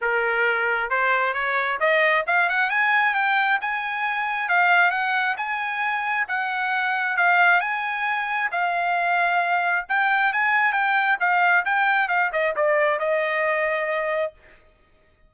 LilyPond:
\new Staff \with { instrumentName = "trumpet" } { \time 4/4 \tempo 4 = 134 ais'2 c''4 cis''4 | dis''4 f''8 fis''8 gis''4 g''4 | gis''2 f''4 fis''4 | gis''2 fis''2 |
f''4 gis''2 f''4~ | f''2 g''4 gis''4 | g''4 f''4 g''4 f''8 dis''8 | d''4 dis''2. | }